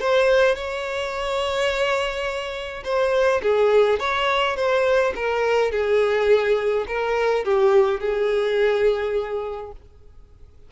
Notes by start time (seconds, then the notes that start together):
0.00 C5
0.55 C#5
2.84 C5
3.42 G#4
3.99 C#5
4.56 C5
5.15 A#4
5.71 G#4
6.87 A#4
7.44 G4
8.00 G#4